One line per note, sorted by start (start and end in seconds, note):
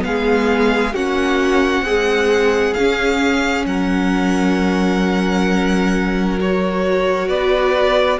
0.00 0.94 G#3
0.00 0.91 B3
0.00 0.95 F5
0.07 0.94 G#4
0.94 1.82 A#3
0.94 1.86 C#4
0.94 1.85 F#4
0.94 2.74 F#5
1.82 2.78 G#3
1.82 2.73 C4
1.82 3.67 G#4
2.74 3.66 C#4
2.74 6.39 C#4
2.74 3.65 F5
3.66 7.29 F#3
3.66 7.28 A#4
3.66 6.39 F#5
6.39 8.20 F#4
6.39 7.29 C#5
7.28 8.20 B3
7.28 8.19 B4
7.28 8.20 D5